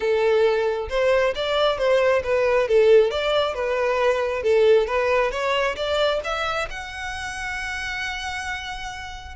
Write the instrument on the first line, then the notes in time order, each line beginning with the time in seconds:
violin
0.00 A4
0.89 C5
1.35 D5
1.78 C5
2.23 B4
2.68 A4
3.11 D5
3.54 B4
4.42 A4
4.86 B4
5.31 C#5
5.76 D5
6.24 E5
6.69 F#5